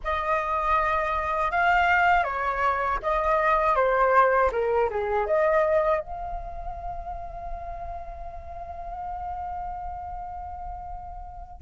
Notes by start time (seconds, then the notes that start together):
0.03 D#5
1.51 F5
2.23 C#5
3.02 D#5
3.75 C5
4.52 A#4
4.90 G#4
5.26 D#5
6.00 F5